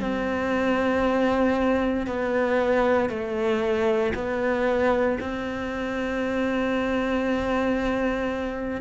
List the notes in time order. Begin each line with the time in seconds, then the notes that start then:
0.00 C4
2.07 B3
3.10 A3
4.15 B3
5.21 C4